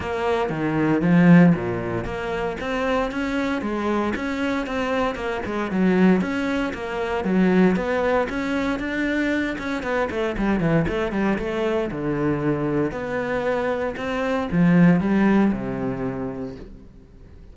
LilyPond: \new Staff \with { instrumentName = "cello" } { \time 4/4 \tempo 4 = 116 ais4 dis4 f4 ais,4 | ais4 c'4 cis'4 gis4 | cis'4 c'4 ais8 gis8 fis4 | cis'4 ais4 fis4 b4 |
cis'4 d'4. cis'8 b8 a8 | g8 e8 a8 g8 a4 d4~ | d4 b2 c'4 | f4 g4 c2 | }